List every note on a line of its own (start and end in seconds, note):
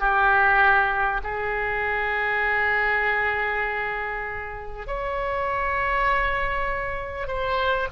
0.00 1.21 G4
1.24 4.87 G#4
4.87 7.28 C#5
7.28 7.88 C5